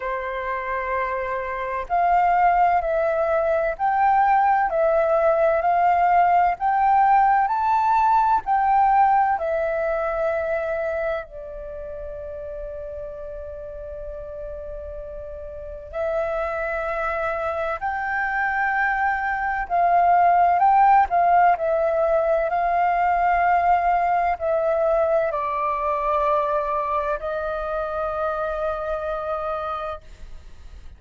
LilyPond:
\new Staff \with { instrumentName = "flute" } { \time 4/4 \tempo 4 = 64 c''2 f''4 e''4 | g''4 e''4 f''4 g''4 | a''4 g''4 e''2 | d''1~ |
d''4 e''2 g''4~ | g''4 f''4 g''8 f''8 e''4 | f''2 e''4 d''4~ | d''4 dis''2. | }